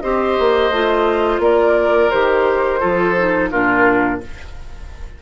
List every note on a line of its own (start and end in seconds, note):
0.00 0.38 C4
0.00 0.72 G4
0.00 1.42 C5
0.00 1.40 D#5
0.38 0.70 A#3
0.70 1.39 A3
0.70 2.11 F4
1.39 2.08 A#3
1.39 2.80 A#4
1.39 2.10 D5
2.10 2.82 D#3
2.10 2.80 G4
2.10 3.49 C5
2.80 3.52 F3
2.80 3.15 F4
2.80 3.49 A4
3.17 3.51 D#4
3.50 4.22 A#2
3.50 4.21 D4
3.50 4.20 F4
3.50 4.20 A#4